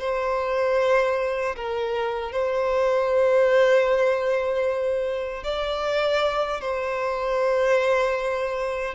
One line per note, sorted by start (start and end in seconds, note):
0.00 1.56 C5
1.57 2.32 A#4
2.32 5.44 C5
5.44 6.61 D5
6.61 8.95 C5